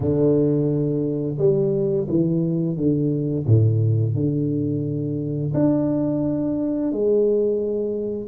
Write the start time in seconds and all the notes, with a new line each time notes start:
0.00 D3
1.38 G3
2.08 E3
2.76 D3
3.45 A2
4.14 D3
5.54 D4
6.92 G#3